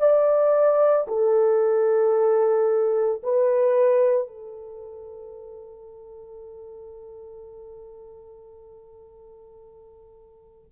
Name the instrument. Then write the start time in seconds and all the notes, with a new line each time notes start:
horn
0.00 D5
1.08 A4
3.23 B4
4.28 A4